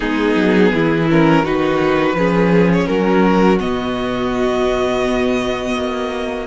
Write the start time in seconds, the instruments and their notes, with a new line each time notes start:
0.00 cello G#3, viola B3, violin D#4 G#4
0.35 cello F#3
0.74 cello E3, violin E4
1.10 viola C#4, violin A#4
1.43 cello D#3, viola D#4, violin F#4 B4
2.13 cello F3, viola C#4, violin G#4
2.72 violin C#5
2.86 cello F#3, violin F#4 A#4
3.59 cello B2, viola B3, violin D#5
5.76 cello A#3